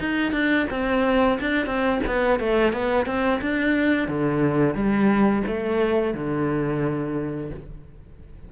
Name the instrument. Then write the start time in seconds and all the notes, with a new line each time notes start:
cello
0.00 D#4
0.32 D4
0.71 C4
1.41 D4
1.66 C4
2.07 B3
2.40 A3
2.73 B3
3.07 C4
3.42 D4
4.08 D3
4.75 G3
5.48 A3
6.14 D3